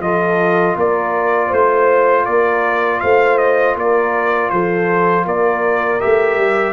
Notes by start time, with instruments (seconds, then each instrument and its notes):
0.00 tuba F3, trombone F4, horn A4, trumpet D#5
0.76 tuba A#3, horn A#4, trumpet D5
1.48 tuba A3, horn C5, trumpet C5
2.26 tuba A#3, horn A#4, trumpet D5
3.00 tuba A3, horn C5, trumpet F5
3.38 trumpet D#5
3.76 tuba A#3, horn A#4, trumpet D5
4.50 tuba F3, horn A4, trumpet C5
5.26 tuba A#3, horn A#4, trumpet D5
6.00 tuba A3, trombone G4, trumpet E5
6.36 tuba G3